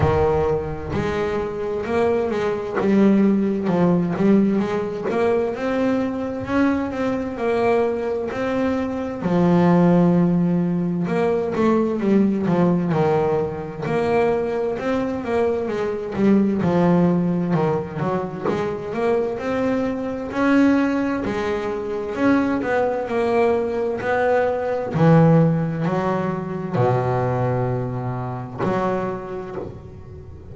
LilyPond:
\new Staff \with { instrumentName = "double bass" } { \time 4/4 \tempo 4 = 65 dis4 gis4 ais8 gis8 g4 | f8 g8 gis8 ais8 c'4 cis'8 c'8 | ais4 c'4 f2 | ais8 a8 g8 f8 dis4 ais4 |
c'8 ais8 gis8 g8 f4 dis8 fis8 | gis8 ais8 c'4 cis'4 gis4 | cis'8 b8 ais4 b4 e4 | fis4 b,2 fis4 | }